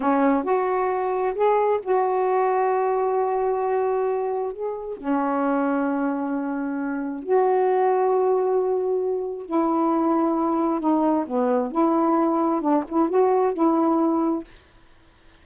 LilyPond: \new Staff \with { instrumentName = "saxophone" } { \time 4/4 \tempo 4 = 133 cis'4 fis'2 gis'4 | fis'1~ | fis'2 gis'4 cis'4~ | cis'1 |
fis'1~ | fis'4 e'2. | dis'4 b4 e'2 | d'8 e'8 fis'4 e'2 | }